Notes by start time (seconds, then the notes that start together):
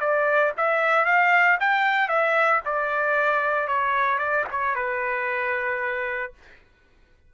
0.00 D5
0.58 E5
1.06 F5
1.60 G5
2.08 E5
2.65 D5
3.68 C#5
4.18 D5
4.51 C#5
4.75 B4